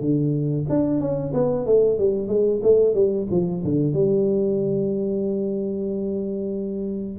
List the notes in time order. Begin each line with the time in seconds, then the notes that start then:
0.00 D3
0.69 D4
1.00 C#4
1.33 B3
1.65 A3
1.98 G3
2.28 G#3
2.62 A3
2.94 G3
3.30 F3
3.64 D3
3.93 G3